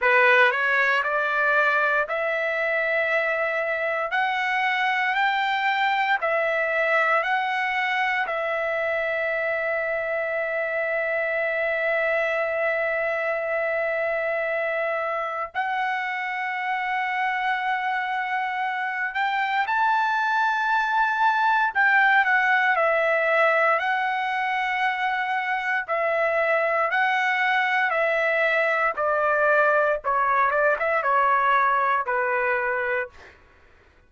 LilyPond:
\new Staff \with { instrumentName = "trumpet" } { \time 4/4 \tempo 4 = 58 b'8 cis''8 d''4 e''2 | fis''4 g''4 e''4 fis''4 | e''1~ | e''2. fis''4~ |
fis''2~ fis''8 g''8 a''4~ | a''4 g''8 fis''8 e''4 fis''4~ | fis''4 e''4 fis''4 e''4 | d''4 cis''8 d''16 e''16 cis''4 b'4 | }